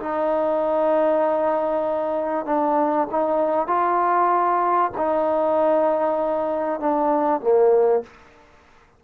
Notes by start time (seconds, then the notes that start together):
0.00 D#4
2.46 D4
3.11 D#4
3.68 F4
4.97 D#4
6.80 D4
7.41 A#3